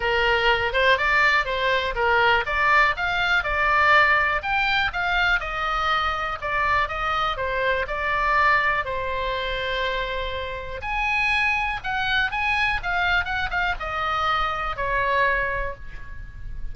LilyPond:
\new Staff \with { instrumentName = "oboe" } { \time 4/4 \tempo 4 = 122 ais'4. c''8 d''4 c''4 | ais'4 d''4 f''4 d''4~ | d''4 g''4 f''4 dis''4~ | dis''4 d''4 dis''4 c''4 |
d''2 c''2~ | c''2 gis''2 | fis''4 gis''4 f''4 fis''8 f''8 | dis''2 cis''2 | }